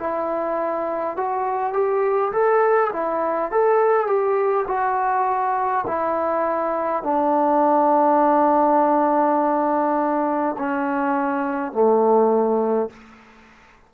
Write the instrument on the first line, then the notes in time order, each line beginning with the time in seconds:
trombone
0.00 E4
1.17 F#4
1.73 G4
2.33 A4
2.93 E4
3.52 A4
4.07 G4
4.68 F#4
5.87 E4
7.04 D4
10.59 C#4
11.73 A3